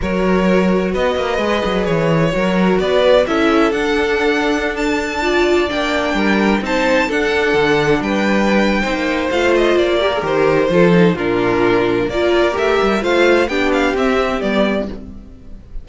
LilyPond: <<
  \new Staff \with { instrumentName = "violin" } { \time 4/4 \tempo 4 = 129 cis''2 dis''2 | cis''2 d''4 e''4 | fis''2~ fis''16 a''4.~ a''16~ | a''16 g''2 a''4 fis''8.~ |
fis''4~ fis''16 g''2~ g''8. | f''8 dis''8 d''4 c''2 | ais'2 d''4 e''4 | f''4 g''8 f''8 e''4 d''4 | }
  \new Staff \with { instrumentName = "violin" } { \time 4/4 ais'2 b'2~ | b'4 ais'4 b'4 a'4~ | a'2.~ a'16 d''8.~ | d''4~ d''16 ais'4 c''4 a'8.~ |
a'4~ a'16 b'4.~ b'16 c''4~ | c''4. ais'4. a'4 | f'2 ais'2 | c''4 g'2. | }
  \new Staff \with { instrumentName = "viola" } { \time 4/4 fis'2. gis'4~ | gis'4 fis'2 e'4 | d'2.~ d'16 f'8.~ | f'16 d'2 dis'4 d'8.~ |
d'2. dis'4 | f'4. g'16 gis'16 g'4 f'8 dis'8 | d'2 f'4 g'4 | f'4 d'4 c'4 b4 | }
  \new Staff \with { instrumentName = "cello" } { \time 4/4 fis2 b8 ais8 gis8 fis8 | e4 fis4 b4 cis'4 | d'1~ | d'16 ais4 g4 c'4 d'8.~ |
d'16 d4 g4.~ g16 c'16 ais8. | a4 ais4 dis4 f4 | ais,2 ais4 a8 g8 | a4 b4 c'4 g4 | }
>>